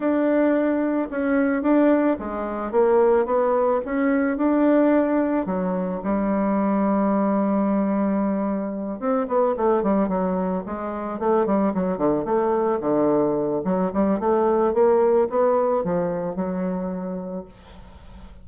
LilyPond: \new Staff \with { instrumentName = "bassoon" } { \time 4/4 \tempo 4 = 110 d'2 cis'4 d'4 | gis4 ais4 b4 cis'4 | d'2 fis4 g4~ | g1~ |
g8 c'8 b8 a8 g8 fis4 gis8~ | gis8 a8 g8 fis8 d8 a4 d8~ | d4 fis8 g8 a4 ais4 | b4 f4 fis2 | }